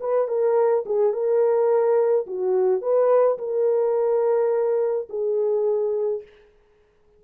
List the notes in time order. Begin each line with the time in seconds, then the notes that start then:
0.00 B4
0.27 A#4
0.86 G#4
1.13 A#4
2.26 F#4
2.81 B4
3.38 A#4
5.09 G#4